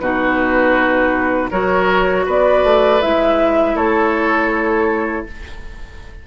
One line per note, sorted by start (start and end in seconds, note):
0.00 1.51 B2
0.00 1.52 D#4
0.00 1.51 F#4
0.00 1.50 B4
1.51 2.27 F#3
1.51 3.02 F#4
1.51 2.26 A#4
1.51 2.26 C#5
2.26 2.64 B3
2.26 3.76 B4
2.26 3.02 D5
2.64 3.02 A3
3.02 3.75 G#3
3.02 5.27 E4
3.02 3.77 E5
3.75 5.25 A3
3.75 5.26 A4
3.75 5.27 C#5